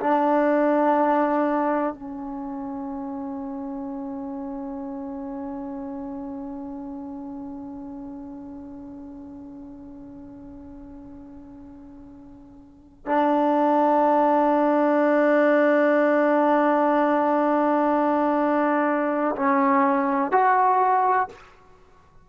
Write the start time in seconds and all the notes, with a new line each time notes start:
0.00 D4
1.94 C#4
13.06 D4
19.35 C#4
20.32 F#4